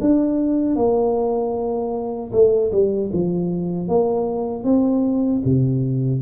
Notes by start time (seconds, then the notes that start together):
0.00 D4
0.75 A#3
2.32 A3
2.71 G3
3.12 F3
3.88 A#3
4.64 C4
5.44 C3